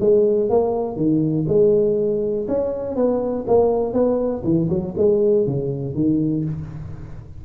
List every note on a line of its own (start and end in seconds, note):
0.00 0.50 G#3
0.50 0.96 A#3
0.96 1.46 D#3
1.48 2.47 G#3
2.48 2.96 C#4
2.96 3.45 B3
3.47 3.93 A#3
3.93 4.42 B3
4.44 4.69 E3
4.69 4.94 F#3
4.97 5.46 G#3
5.46 5.95 C#3
5.95 6.44 D#3